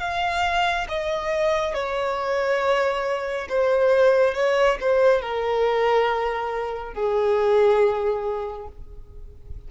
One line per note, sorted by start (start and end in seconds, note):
0.00 0.87 F5
0.89 1.74 D#5
1.74 3.48 C#5
3.49 4.34 C5
4.34 4.78 C#5
4.81 5.21 C5
5.21 6.94 A#4
6.94 8.68 G#4